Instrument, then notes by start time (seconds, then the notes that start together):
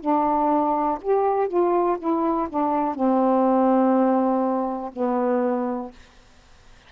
saxophone
0.00 D4
1.01 G4
1.48 F4
1.99 E4
2.49 D4
2.95 C4
4.93 B3